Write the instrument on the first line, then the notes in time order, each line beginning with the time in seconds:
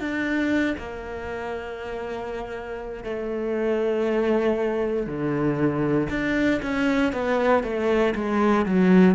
cello
0.00 D4
0.78 A#3
3.04 A3
5.07 D3
6.10 D4
6.62 C#4
7.12 B3
7.64 A3
8.15 G#3
8.66 F#3